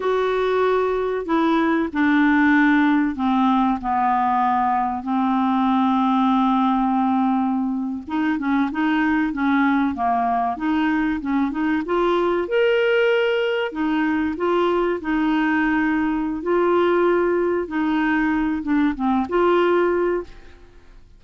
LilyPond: \new Staff \with { instrumentName = "clarinet" } { \time 4/4 \tempo 4 = 95 fis'2 e'4 d'4~ | d'4 c'4 b2 | c'1~ | c'8. dis'8 cis'8 dis'4 cis'4 ais16~ |
ais8. dis'4 cis'8 dis'8 f'4 ais'16~ | ais'4.~ ais'16 dis'4 f'4 dis'16~ | dis'2 f'2 | dis'4. d'8 c'8 f'4. | }